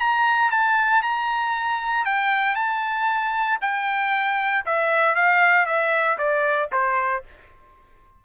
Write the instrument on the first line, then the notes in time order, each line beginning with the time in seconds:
trumpet
0.00 A#5
0.51 A5
1.03 A#5
2.06 G5
2.56 A5
3.62 G5
4.66 E5
5.15 F5
5.66 E5
6.18 D5
6.72 C5